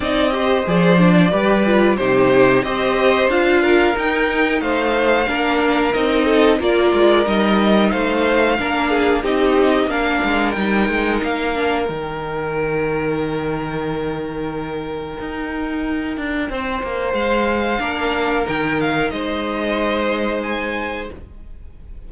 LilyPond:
<<
  \new Staff \with { instrumentName = "violin" } { \time 4/4 \tempo 4 = 91 dis''4 d''2 c''4 | dis''4 f''4 g''4 f''4~ | f''4 dis''4 d''4 dis''4 | f''2 dis''4 f''4 |
g''4 f''4 g''2~ | g''1~ | g''2 f''2 | g''8 f''8 dis''2 gis''4 | }
  \new Staff \with { instrumentName = "violin" } { \time 4/4 d''8 c''4. b'4 g'4 | c''4. ais'4. c''4 | ais'4. a'8 ais'2 | c''4 ais'8 gis'8 g'4 ais'4~ |
ais'1~ | ais'1~ | ais'4 c''2 ais'4~ | ais'4 c''2. | }
  \new Staff \with { instrumentName = "viola" } { \time 4/4 dis'8 g'8 gis'8 d'8 g'8 f'8 dis'4 | g'4 f'4 dis'2 | d'4 dis'4 f'4 dis'4~ | dis'4 d'4 dis'4 d'4 |
dis'4. d'8 dis'2~ | dis'1~ | dis'2. d'4 | dis'1 | }
  \new Staff \with { instrumentName = "cello" } { \time 4/4 c'4 f4 g4 c4 | c'4 d'4 dis'4 a4 | ais4 c'4 ais8 gis8 g4 | a4 ais4 c'4 ais8 gis8 |
g8 gis8 ais4 dis2~ | dis2. dis'4~ | dis'8 d'8 c'8 ais8 gis4 ais4 | dis4 gis2. | }
>>